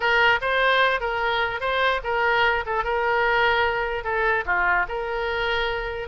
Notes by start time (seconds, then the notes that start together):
0.00 A#4
0.41 C5
1.00 A#4
1.60 C5
2.03 A#4
2.66 A4
2.84 A#4
4.04 A4
4.45 F4
4.88 A#4